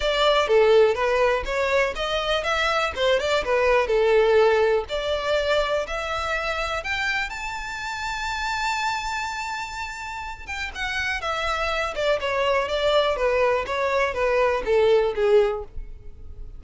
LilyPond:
\new Staff \with { instrumentName = "violin" } { \time 4/4 \tempo 4 = 123 d''4 a'4 b'4 cis''4 | dis''4 e''4 c''8 d''8 b'4 | a'2 d''2 | e''2 g''4 a''4~ |
a''1~ | a''4. g''8 fis''4 e''4~ | e''8 d''8 cis''4 d''4 b'4 | cis''4 b'4 a'4 gis'4 | }